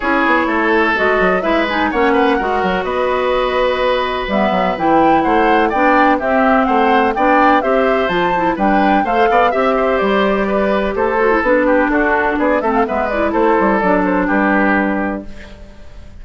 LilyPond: <<
  \new Staff \with { instrumentName = "flute" } { \time 4/4 \tempo 4 = 126 cis''2 dis''4 e''8 gis''8 | fis''2 dis''2~ | dis''4 e''4 g''4 fis''4 | g''4 e''4 fis''4 g''4 |
e''4 a''4 g''4 f''4 | e''4 d''2 c''4 | b'4 a'4 d''8 e''16 f''16 e''8 d''8 | c''4 d''8 c''8 b'2 | }
  \new Staff \with { instrumentName = "oboe" } { \time 4/4 gis'4 a'2 b'4 | cis''8 b'8 ais'4 b'2~ | b'2. c''4 | d''4 g'4 c''4 d''4 |
c''2 b'4 c''8 d''8 | e''8 c''4. b'4 a'4~ | a'8 g'8 fis'4 gis'8 a'8 b'4 | a'2 g'2 | }
  \new Staff \with { instrumentName = "clarinet" } { \time 4/4 e'2 fis'4 e'8 dis'8 | cis'4 fis'2.~ | fis'4 b4 e'2 | d'4 c'2 d'4 |
g'4 f'8 e'8 d'4 a'4 | g'2.~ g'8 fis'16 e'16 | d'2~ d'8 c'8 b8 e'8~ | e'4 d'2. | }
  \new Staff \with { instrumentName = "bassoon" } { \time 4/4 cis'8 b8 a4 gis8 fis8 gis4 | ais4 gis8 fis8 b2~ | b4 g8 fis8 e4 a4 | b4 c'4 a4 b4 |
c'4 f4 g4 a8 b8 | c'4 g2 a4 | b4 d'4 b8 a8 gis4 | a8 g8 fis4 g2 | }
>>